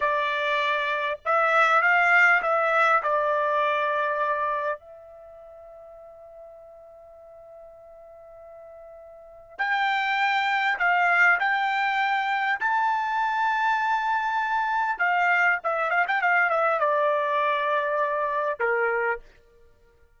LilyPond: \new Staff \with { instrumentName = "trumpet" } { \time 4/4 \tempo 4 = 100 d''2 e''4 f''4 | e''4 d''2. | e''1~ | e''1 |
g''2 f''4 g''4~ | g''4 a''2.~ | a''4 f''4 e''8 f''16 g''16 f''8 e''8 | d''2. ais'4 | }